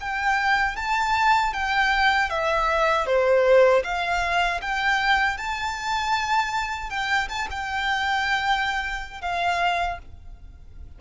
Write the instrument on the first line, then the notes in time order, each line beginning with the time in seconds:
violin
0.00 G5
0.76 A5
1.53 G5
2.30 E5
3.06 C5
3.84 F5
4.61 G5
5.37 A5
6.90 G5
7.29 A5
7.51 G5
9.22 F5